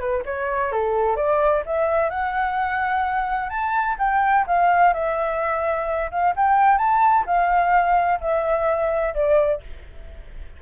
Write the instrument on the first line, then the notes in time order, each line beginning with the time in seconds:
flute
0.00 B4
0.26 C#5
0.72 A4
1.17 D5
1.66 E5
2.10 F#5
3.50 A5
3.99 G5
4.47 F5
4.94 E5
6.11 F5
6.36 G5
6.78 A5
7.26 F5
8.21 E5
9.14 D5